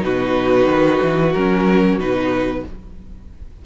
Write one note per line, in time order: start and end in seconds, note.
0.00 0.65 B2
0.00 1.30 D#4
0.00 2.65 F#4
0.00 1.32 B4
0.65 0.98 D#3
1.02 1.34 E3
1.32 1.98 F#3
1.32 1.99 C#4
1.32 1.97 A#4
1.98 2.63 B2
1.98 2.64 D#4
1.98 2.65 B4